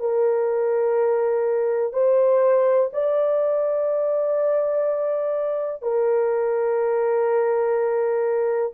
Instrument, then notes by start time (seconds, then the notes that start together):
horn
0.00 A#4
1.93 C5
2.93 D5
5.82 A#4